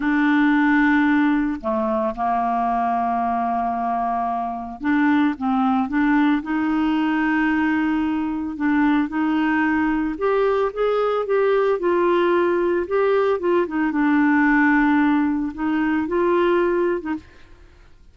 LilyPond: \new Staff \with { instrumentName = "clarinet" } { \time 4/4 \tempo 4 = 112 d'2. a4 | ais1~ | ais4 d'4 c'4 d'4 | dis'1 |
d'4 dis'2 g'4 | gis'4 g'4 f'2 | g'4 f'8 dis'8 d'2~ | d'4 dis'4 f'4.~ f'16 dis'16 | }